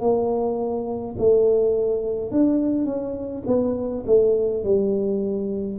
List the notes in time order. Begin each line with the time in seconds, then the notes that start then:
0.00 A#3
1.18 A3
2.31 D4
2.85 C#4
3.47 B3
4.06 A3
4.64 G3